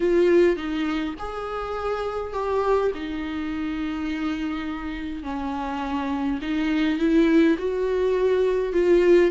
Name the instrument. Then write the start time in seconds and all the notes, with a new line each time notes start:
viola
0.00 F4
0.56 D#4
1.18 G#4
2.33 G4
2.94 D#4
5.23 C#4
6.41 D#4
6.98 E4
7.58 F#4
8.72 F4